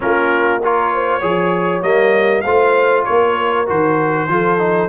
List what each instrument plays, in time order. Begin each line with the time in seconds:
0.00 tuba A#3, trombone C#4, horn F4, trumpet A#4
0.62 trombone F4, horn A#4, trumpet C#5
0.94 horn C5
1.20 tuba F3, trombone G#4, horn C#5
1.82 tuba G3, trombone A#3, trumpet D#5
2.41 tuba A3, trombone F4, horn C5, trumpet F5
3.04 tuba A#3, horn A#4, trumpet C#5
3.66 tuba D#3, trombone F#4, trumpet C5
4.28 tuba F3, trombone F4, horn A4
4.58 trombone D#4